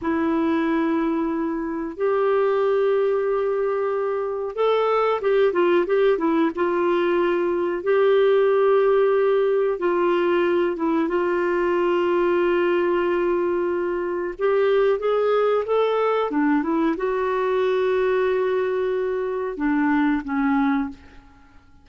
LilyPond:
\new Staff \with { instrumentName = "clarinet" } { \time 4/4 \tempo 4 = 92 e'2. g'4~ | g'2. a'4 | g'8 f'8 g'8 e'8 f'2 | g'2. f'4~ |
f'8 e'8 f'2.~ | f'2 g'4 gis'4 | a'4 d'8 e'8 fis'2~ | fis'2 d'4 cis'4 | }